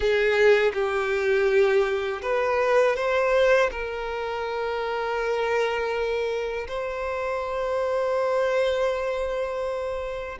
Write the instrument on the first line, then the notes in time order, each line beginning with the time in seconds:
violin
0.00 G#4
0.73 G4
2.22 B4
2.96 C5
3.71 A#4
6.67 C5